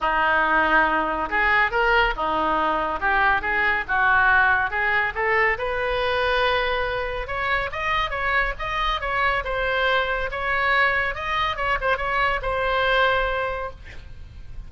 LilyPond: \new Staff \with { instrumentName = "oboe" } { \time 4/4 \tempo 4 = 140 dis'2. gis'4 | ais'4 dis'2 g'4 | gis'4 fis'2 gis'4 | a'4 b'2.~ |
b'4 cis''4 dis''4 cis''4 | dis''4 cis''4 c''2 | cis''2 dis''4 cis''8 c''8 | cis''4 c''2. | }